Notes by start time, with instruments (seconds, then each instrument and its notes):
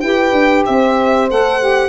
0.00 tuba E4, saxophone G4, horn B4, violin G5
0.32 tuba D4
0.66 tuba C4, horn C5, violin E5
1.30 tuba A3, saxophone A4, violin F#5
1.60 saxophone G4